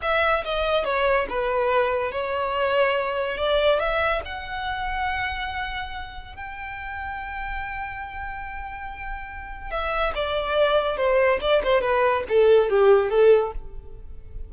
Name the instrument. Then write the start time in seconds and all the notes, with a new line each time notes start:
violin
0.02 E5
0.44 D#5
0.84 C#5
1.29 B4
2.11 C#5
3.37 D5
3.79 E5
4.25 F#5
6.35 G5
9.70 E5
10.14 D5
10.96 C5
11.41 D5
11.63 C5
11.81 B4
12.28 A4
12.69 G4
13.10 A4